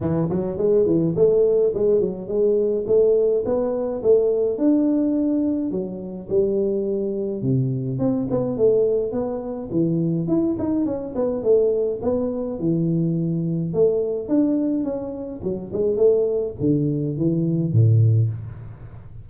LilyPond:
\new Staff \with { instrumentName = "tuba" } { \time 4/4 \tempo 4 = 105 e8 fis8 gis8 e8 a4 gis8 fis8 | gis4 a4 b4 a4 | d'2 fis4 g4~ | g4 c4 c'8 b8 a4 |
b4 e4 e'8 dis'8 cis'8 b8 | a4 b4 e2 | a4 d'4 cis'4 fis8 gis8 | a4 d4 e4 a,4 | }